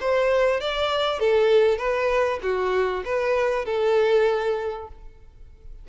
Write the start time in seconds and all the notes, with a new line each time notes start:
0.00 C5
0.60 D5
1.19 A4
1.78 B4
2.42 F#4
3.04 B4
3.65 A4